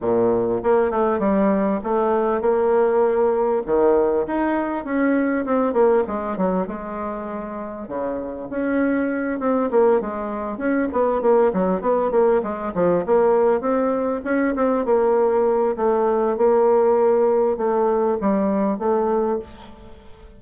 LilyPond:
\new Staff \with { instrumentName = "bassoon" } { \time 4/4 \tempo 4 = 99 ais,4 ais8 a8 g4 a4 | ais2 dis4 dis'4 | cis'4 c'8 ais8 gis8 fis8 gis4~ | gis4 cis4 cis'4. c'8 |
ais8 gis4 cis'8 b8 ais8 fis8 b8 | ais8 gis8 f8 ais4 c'4 cis'8 | c'8 ais4. a4 ais4~ | ais4 a4 g4 a4 | }